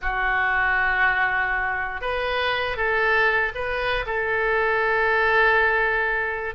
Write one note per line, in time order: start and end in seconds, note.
0.01 2.01 F#4
2.01 2.76 B4
2.76 3.52 A4
3.54 4.05 B4
4.05 6.54 A4